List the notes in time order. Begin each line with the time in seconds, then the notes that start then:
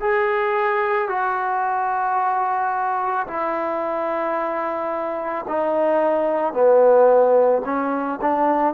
0.00 G#4
1.09 F#4
3.27 E4
5.48 D#4
6.53 B3
7.65 C#4
8.22 D4